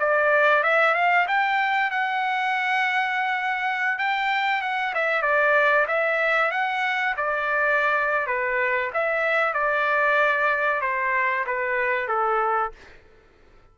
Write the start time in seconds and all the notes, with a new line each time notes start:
0.00 D5
0.64 E5
0.95 F5
1.28 G5
1.91 F#5
3.99 G5
4.62 F#5
4.94 E5
5.22 D5
5.88 E5
6.51 F#5
7.17 D5
8.27 B4
8.94 E5
9.54 D5
10.81 C5
11.47 B4
12.08 A4